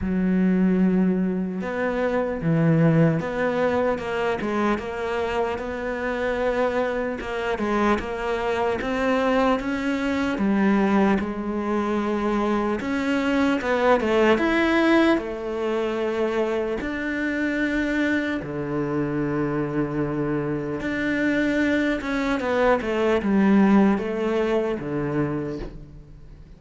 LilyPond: \new Staff \with { instrumentName = "cello" } { \time 4/4 \tempo 4 = 75 fis2 b4 e4 | b4 ais8 gis8 ais4 b4~ | b4 ais8 gis8 ais4 c'4 | cis'4 g4 gis2 |
cis'4 b8 a8 e'4 a4~ | a4 d'2 d4~ | d2 d'4. cis'8 | b8 a8 g4 a4 d4 | }